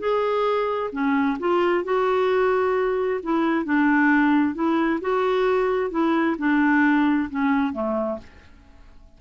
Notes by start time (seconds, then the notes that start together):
0.00 G#4
0.93 C#4
1.40 F4
1.85 F#4
3.24 E4
3.65 D4
4.55 E4
5.02 F#4
5.91 E4
6.39 D4
7.30 C#4
7.73 A3